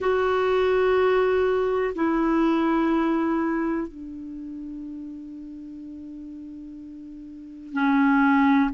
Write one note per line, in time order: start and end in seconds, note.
0.00 1.94 F#4
1.95 3.87 E4
3.87 7.73 D4
7.73 8.70 C#4